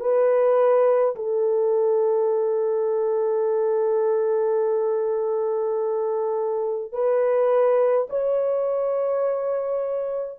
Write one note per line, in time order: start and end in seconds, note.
0.00 1.15 B4
1.15 6.92 A4
6.92 8.08 B4
8.09 10.38 C#5